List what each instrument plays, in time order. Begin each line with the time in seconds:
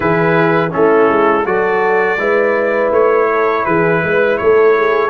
0.00 tuba E3, trombone E4, horn G#4, trumpet B4
0.71 tuba A3, trombone C#4, horn E4, trumpet A4
1.09 tuba G#3
1.45 tuba F#3, trombone F#4, horn A4, trumpet D5
2.17 tuba G#3, trombone E4, horn B4
2.91 tuba A3, trumpet C#5
3.31 horn A4
3.65 tuba E3, horn G#4, trumpet B4
4.03 tuba G#3, horn B4
4.37 tuba A3, horn A4, trumpet C#5
4.77 horn G#4